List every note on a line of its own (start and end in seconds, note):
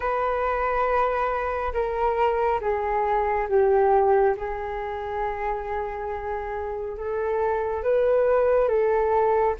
0.00 1.72 B4
1.73 2.60 A#4
2.60 3.47 G#4
3.48 4.35 G4
4.36 6.97 G#4
6.97 7.83 A4
7.83 8.68 B4
8.68 9.55 A4